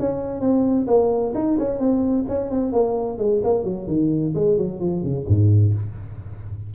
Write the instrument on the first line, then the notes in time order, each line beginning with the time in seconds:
tuba
0.00 C#4
0.41 C4
0.88 A#3
1.35 D#4
1.59 C#4
1.80 C4
2.29 C#4
2.51 C4
2.73 A#3
3.18 G#3
3.44 A#3
3.65 F#3
3.88 D#3
4.35 G#3
4.58 F#3
4.81 F3
5.03 C#3
5.28 G#2